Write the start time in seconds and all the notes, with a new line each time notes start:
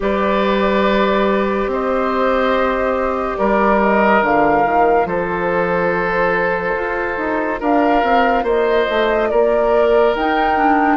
0.00 G3 G4 B4 D5
1.66 C4 C5 D#5
3.37 G3 A#4 D5
3.81 D#5
4.22 D3 F4 F5
4.65 D#3
5.05 F3 A4 C5
6.75 F4
7.17 D#4
7.60 D4 A#4 F5
8.03 C4
8.43 A#3 C5 D#5
8.89 A3
9.30 A#3 A#4 D5
10.14 D#4 G5
10.57 D4